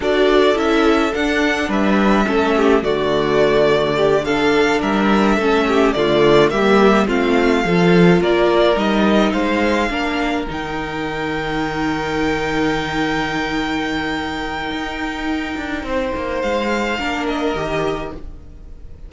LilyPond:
<<
  \new Staff \with { instrumentName = "violin" } { \time 4/4 \tempo 4 = 106 d''4 e''4 fis''4 e''4~ | e''4 d''2~ d''8 f''8~ | f''8 e''2 d''4 e''8~ | e''8 f''2 d''4 dis''8~ |
dis''8 f''2 g''4.~ | g''1~ | g''1~ | g''4 f''4. dis''4. | }
  \new Staff \with { instrumentName = "violin" } { \time 4/4 a'2. b'4 | a'8 g'8 fis'2 g'8 a'8~ | a'8 ais'4 a'8 g'8 f'4 g'8~ | g'8 f'4 a'4 ais'4.~ |
ais'8 c''4 ais'2~ ais'8~ | ais'1~ | ais'1 | c''2 ais'2 | }
  \new Staff \with { instrumentName = "viola" } { \time 4/4 fis'4 e'4 d'2 | cis'4 a2~ a8 d'8~ | d'4. cis'4 a4 ais8~ | ais8 c'4 f'2 dis'8~ |
dis'4. d'4 dis'4.~ | dis'1~ | dis'1~ | dis'2 d'4 g'4 | }
  \new Staff \with { instrumentName = "cello" } { \time 4/4 d'4 cis'4 d'4 g4 | a4 d2.~ | d8 g4 a4 d4 g8~ | g8 a4 f4 ais4 g8~ |
g8 gis4 ais4 dis4.~ | dis1~ | dis2 dis'4. d'8 | c'8 ais8 gis4 ais4 dis4 | }
>>